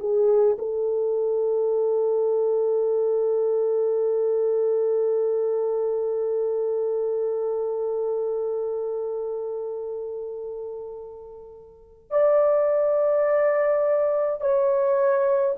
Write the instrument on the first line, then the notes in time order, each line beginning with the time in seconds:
horn
0.00 G#4
0.59 A4
12.10 D5
14.41 C#5